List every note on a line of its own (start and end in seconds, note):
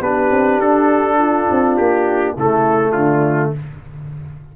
0.00 0.29 B3
0.00 2.37 D4
0.00 1.18 G4
0.00 0.60 B4
0.30 0.58 C4
0.58 1.47 D4
0.58 1.76 A4
1.18 2.35 F4
1.51 1.78 C4
1.76 2.37 A#3
1.76 2.35 G4
2.35 2.95 C#3
2.35 3.56 A3
2.35 2.92 E4
2.35 2.92 A4
2.92 3.53 D3
2.92 3.50 D4
2.92 3.51 F4